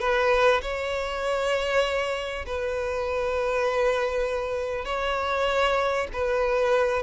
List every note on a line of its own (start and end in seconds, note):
0.00 0.61 B4
0.62 2.45 C#5
2.46 4.85 B4
4.85 6.08 C#5
6.13 7.03 B4